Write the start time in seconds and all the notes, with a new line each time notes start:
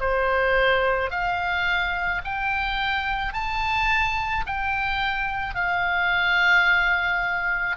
0.00 C5
1.11 F5
2.24 G5
3.33 A5
4.46 G5
5.55 F5